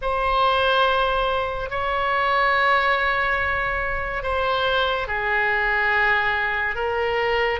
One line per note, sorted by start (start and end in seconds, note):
0.01 1.69 C5
1.69 4.23 C#5
4.23 5.07 C5
5.07 6.75 G#4
6.75 7.59 A#4